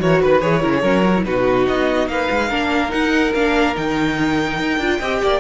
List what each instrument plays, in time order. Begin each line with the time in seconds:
0.00 cello E3, viola F#4, violin A#4 C#5
0.22 cello D#3, violin B4
0.41 cello E3, viola G#4, violin C#5
0.62 cello C#3, viola E4, violin A#4
0.76 violin G#4
0.82 cello F#3, viola C#4, violin A#4
1.04 viola F#4
1.17 viola E4
1.24 cello B2, viola D#4, violin F#4 B4
1.68 cello B3, violin D#5
2.08 cello A#3, violin B4 F5
2.31 cello G#3
2.49 cello A#3, viola D4, violin A#4
2.89 viola D#4, cello D#4, violin F#5
3.34 cello A#3, viola D4, violin F5
3.74 cello D#3, viola D#4, violin G5
4.59 cello D#4
4.78 cello D4, viola F4
4.98 cello C4, viola G4, violin D#5
5.23 cello A#3, violin D5